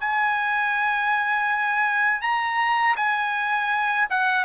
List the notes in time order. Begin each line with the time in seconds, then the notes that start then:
0.00 G#5
2.22 A#5
2.97 G#5
4.10 F#5